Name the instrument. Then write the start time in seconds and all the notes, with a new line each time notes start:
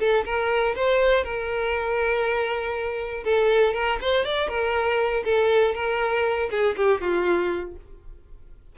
violin
0.00 A4
0.25 A#4
0.76 C5
1.24 A#4
3.25 A4
3.74 A#4
4.01 C5
4.25 D5
4.49 A#4
5.25 A4
5.75 A#4
6.51 G#4
6.77 G4
7.01 F4